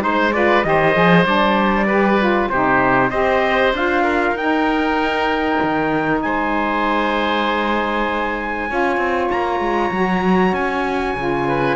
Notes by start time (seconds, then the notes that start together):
0.00 G#3 D#4 C5
0.32 F4 B4 D5
0.62 D#3 G4 C5 D#5
0.93 F3 G#4
1.24 G3 D4 D5
1.86 G4 B4
2.19 F4
2.48 C3 D#4 G4 C5
3.10 C4 G4 C5 D#5
3.73 D4 F4 F5
4.03 A#4
4.31 D#4 G5
4.38 D#4
5.62 D#3
6.21 G#3 C5 G#5
8.68 C#4 F4 C#5
8.97 C4
9.30 A#3 A#5
9.59 G#3
9.90 F#3 F#4
10.52 C#4 G#5
11.14 C#3 F4
11.47 B4